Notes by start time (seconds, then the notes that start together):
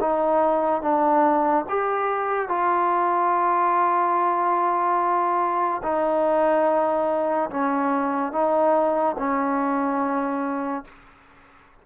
0.00 D#4
0.81 D4
1.69 G4
2.48 F4
5.83 D#4
7.50 C#4
8.32 D#4
9.18 C#4